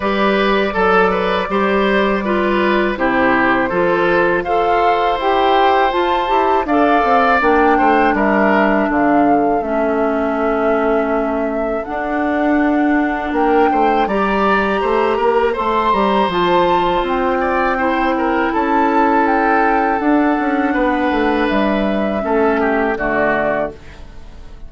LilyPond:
<<
  \new Staff \with { instrumentName = "flute" } { \time 4/4 \tempo 4 = 81 d''1 | c''2 f''4 g''4 | a''4 f''4 g''4 e''4 | f''4 e''2. |
fis''2 g''4 ais''4~ | ais''4 c'''8 ais''8 a''4 g''4~ | g''4 a''4 g''4 fis''4~ | fis''4 e''2 d''4 | }
  \new Staff \with { instrumentName = "oboe" } { \time 4/4 b'4 a'8 b'8 c''4 b'4 | g'4 a'4 c''2~ | c''4 d''4. c''8 ais'4 | a'1~ |
a'2 ais'8 c''8 d''4 | c''8 ais'8 c''2~ c''8 d''8 | c''8 ais'8 a'2. | b'2 a'8 g'8 fis'4 | }
  \new Staff \with { instrumentName = "clarinet" } { \time 4/4 g'4 a'4 g'4 f'4 | e'4 f'4 a'4 g'4 | f'8 g'8 a'4 d'2~ | d'4 cis'2. |
d'2. g'4~ | g'4 a'8 g'8 f'2 | e'2. d'4~ | d'2 cis'4 a4 | }
  \new Staff \with { instrumentName = "bassoon" } { \time 4/4 g4 fis4 g2 | c4 f4 f'4 e'4 | f'8 e'8 d'8 c'8 ais8 a8 g4 | d4 a2. |
d'2 ais8 a8 g4 | a8 ais8 a8 g8 f4 c'4~ | c'4 cis'2 d'8 cis'8 | b8 a8 g4 a4 d4 | }
>>